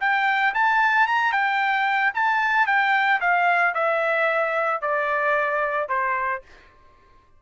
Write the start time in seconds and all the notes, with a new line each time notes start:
0.00 G5
0.54 A5
1.07 A#5
1.32 G5
2.14 A5
2.66 G5
3.20 F5
3.74 E5
4.81 D5
5.88 C5